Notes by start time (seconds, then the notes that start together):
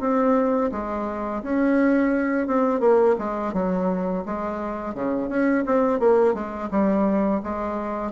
0.00 C4
0.72 G#3
1.43 C#4
2.47 C4
2.80 A#3
3.18 G#3
3.53 F#3
4.25 G#3
4.94 C#3
5.29 C#4
5.66 C4
5.99 A#3
6.34 G#3
6.71 G3
7.43 G#3